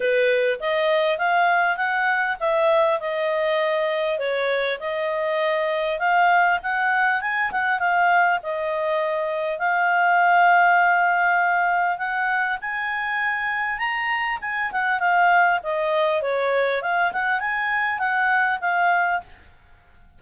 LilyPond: \new Staff \with { instrumentName = "clarinet" } { \time 4/4 \tempo 4 = 100 b'4 dis''4 f''4 fis''4 | e''4 dis''2 cis''4 | dis''2 f''4 fis''4 | gis''8 fis''8 f''4 dis''2 |
f''1 | fis''4 gis''2 ais''4 | gis''8 fis''8 f''4 dis''4 cis''4 | f''8 fis''8 gis''4 fis''4 f''4 | }